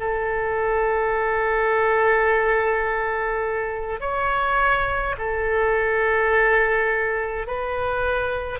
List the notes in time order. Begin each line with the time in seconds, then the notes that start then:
0.00 A4
4.00 C#5
5.18 A4
7.47 B4